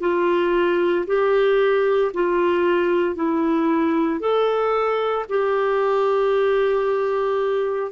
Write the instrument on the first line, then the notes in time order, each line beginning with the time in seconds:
clarinet
0.00 F4
1.07 G4
2.14 F4
3.15 E4
4.20 A4
5.29 G4